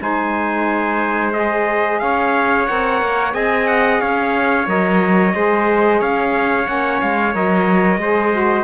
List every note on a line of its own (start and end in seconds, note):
0.00 2.02 G#3
0.00 1.33 D#4
0.00 2.02 C5
0.00 1.33 G#5
1.33 2.67 G#4
1.33 2.00 D#5
2.00 2.69 C#4
2.00 3.34 C#5
2.00 2.66 F5
2.66 3.02 C4
2.66 3.32 A#4
2.66 3.33 F#5
3.02 3.34 A#3
3.32 4.01 C4
3.32 4.65 G#4
3.32 4.01 D#5
3.32 3.67 G#5
3.68 4.01 F#5
4.01 4.67 C#4
4.01 5.34 C#5
4.01 4.68 F5
4.67 5.34 F#3
4.67 5.34 A#4
4.67 6.02 D#5
5.34 6.01 G#3
5.34 6.64 G#4
5.34 6.00 C5
6.00 6.68 C#4
6.00 8.00 C#5
6.00 6.67 F5
6.64 7.02 A#3
6.64 7.31 C#4
6.64 7.00 F#5
7.01 7.35 G#3
7.01 7.34 F5
7.34 7.98 F#3
7.34 8.00 A#4
7.34 8.65 D#5
7.98 8.64 G#3
7.98 8.33 G#4
7.98 8.65 C5
8.33 8.65 F#4